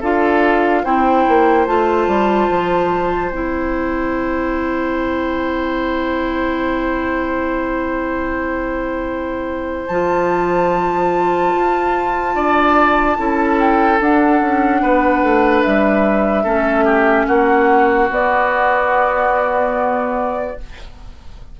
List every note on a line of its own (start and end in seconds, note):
0.00 0.84 D4
0.00 0.85 F4
0.00 0.82 A4
0.00 0.84 F5
0.84 1.26 C4
0.84 1.67 E4
0.84 12.34 C5
0.84 1.66 G5
1.28 1.67 A#3
1.67 2.07 A3
1.67 3.32 F4
1.67 3.31 A5
2.07 2.48 G3
2.50 3.30 F3
3.30 9.88 C4
3.30 9.90 E4
3.30 9.87 G5
9.87 11.54 F3
9.87 13.17 F4
9.87 13.57 A5
11.55 12.35 F4
12.35 13.17 D4
12.35 13.17 D5
13.17 14.01 C#4
13.17 13.99 E4
13.17 14.82 A4
13.59 14.01 G5
14.00 16.45 D4
14.00 14.41 D4
14.00 15.62 F#5
14.41 14.82 C#4
14.82 15.22 B3
14.82 16.43 B4
15.22 15.63 A3
15.62 16.45 G3
15.62 17.26 E5
16.43 17.27 A3
16.43 18.09 C#4
16.43 16.84 A4
16.85 17.26 G4
17.26 18.10 A#3
17.26 20.56 F#4
17.26 18.08 F#5
18.10 20.57 B3
18.10 20.58 B3
18.10 20.60 D5